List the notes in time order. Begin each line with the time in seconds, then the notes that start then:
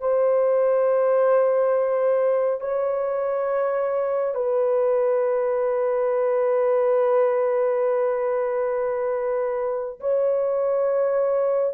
0.00 C5
2.60 C#5
4.34 B4
10.00 C#5